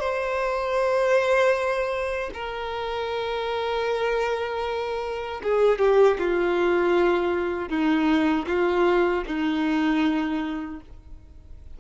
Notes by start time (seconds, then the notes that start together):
0.00 C5
2.34 A#4
5.44 G#4
5.79 G4
6.19 F4
7.70 D#4
8.48 F4
9.27 D#4